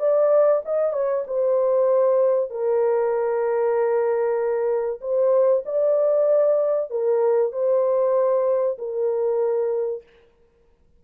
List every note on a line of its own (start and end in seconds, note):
0.00 0.62 D5
0.65 0.93 D#5
0.93 1.24 C#5
1.27 2.51 C5
2.51 5.01 A#4
5.01 5.64 C5
5.66 6.91 D5
6.91 7.53 A#4
7.53 8.78 C5
8.78 10.03 A#4